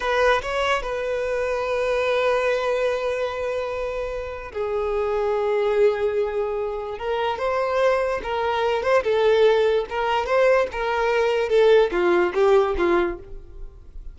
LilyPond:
\new Staff \with { instrumentName = "violin" } { \time 4/4 \tempo 4 = 146 b'4 cis''4 b'2~ | b'1~ | b'2. gis'4~ | gis'1~ |
gis'4 ais'4 c''2 | ais'4. c''8 a'2 | ais'4 c''4 ais'2 | a'4 f'4 g'4 f'4 | }